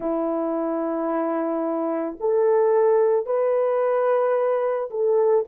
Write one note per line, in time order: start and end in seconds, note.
0.00 2.16 E4
2.20 3.26 A4
3.26 4.89 B4
4.90 5.44 A4